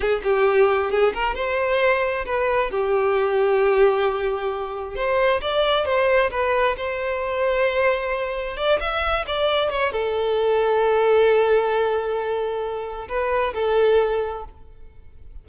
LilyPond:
\new Staff \with { instrumentName = "violin" } { \time 4/4 \tempo 4 = 133 gis'8 g'4. gis'8 ais'8 c''4~ | c''4 b'4 g'2~ | g'2. c''4 | d''4 c''4 b'4 c''4~ |
c''2. d''8 e''8~ | e''8 d''4 cis''8 a'2~ | a'1~ | a'4 b'4 a'2 | }